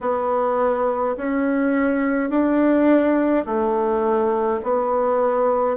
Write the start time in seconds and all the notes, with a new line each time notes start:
0.01 B3
1.16 C#4
2.30 D4
3.45 A3
4.63 B3